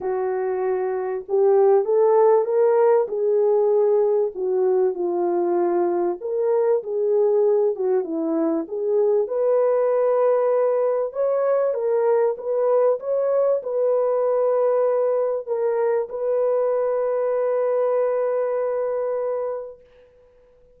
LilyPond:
\new Staff \with { instrumentName = "horn" } { \time 4/4 \tempo 4 = 97 fis'2 g'4 a'4 | ais'4 gis'2 fis'4 | f'2 ais'4 gis'4~ | gis'8 fis'8 e'4 gis'4 b'4~ |
b'2 cis''4 ais'4 | b'4 cis''4 b'2~ | b'4 ais'4 b'2~ | b'1 | }